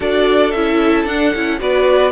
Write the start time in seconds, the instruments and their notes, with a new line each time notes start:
0.00 cello D4, viola F#4, violin A4 D5
0.51 cello C#4, viola E4, violin E5
1.04 cello D4, viola D4, violin F#5
1.34 cello C#4, viola E4
1.59 cello B3, viola F#4, violin B4 D5